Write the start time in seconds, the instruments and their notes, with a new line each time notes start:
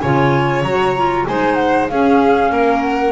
0.00 double bass C#3, clarinet F4, violin C#5, flute G#5
0.63 double bass F#3, clarinet F#4, flute A#5
0.96 clarinet F4
1.27 double bass G#3, clarinet D#4, violin C5, flute G#5
1.55 flute F#5
1.89 double bass C#4, clarinet C#4, violin G#4, flute F5
2.51 double bass A#3, violin A#4
2.82 flute F#5